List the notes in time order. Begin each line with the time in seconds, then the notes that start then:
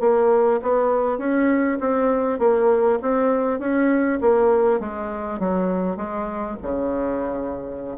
0.00 A#3
0.62 B3
1.18 C#4
1.80 C4
2.39 A#3
3.01 C4
3.59 C#4
4.21 A#3
4.79 G#3
5.39 F#3
5.96 G#3
6.62 C#3